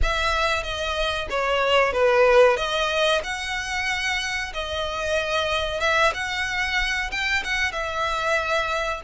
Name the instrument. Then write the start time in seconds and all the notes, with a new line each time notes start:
violin
0.02 E5
0.63 D#5
1.30 C#5
1.92 B4
2.56 D#5
3.23 F#5
4.53 D#5
5.80 E5
6.14 F#5
7.11 G5
7.44 F#5
7.72 E5